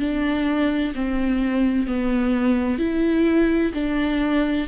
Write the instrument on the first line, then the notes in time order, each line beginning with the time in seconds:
viola
0.00 D4
0.95 C4
1.87 B3
2.79 E4
3.74 D4